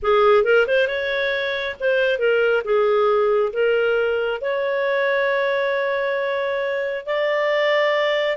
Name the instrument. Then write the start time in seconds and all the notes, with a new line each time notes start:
clarinet
0.02 G#4
0.44 A#4
0.67 C5
0.87 C#5
1.80 C5
2.18 A#4
2.64 G#4
3.52 A#4
4.41 C#5
7.06 D5